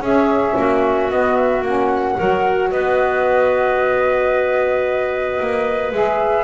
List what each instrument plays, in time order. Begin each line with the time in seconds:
0.00 double bass C#4, saxophone C#4, clarinet G#4, flute E5
0.57 double bass A#3, clarinet F#4
1.10 double bass B3, saxophone B3, flute D#5
1.36 flute E5
1.61 double bass A#3, saxophone C#4, flute F#5
2.15 double bass F#3, saxophone F#4, clarinet A#4
2.71 double bass B3, clarinet B4, flute D#5
5.40 double bass A#3
5.92 double bass G#3, saxophone G#4, flute E5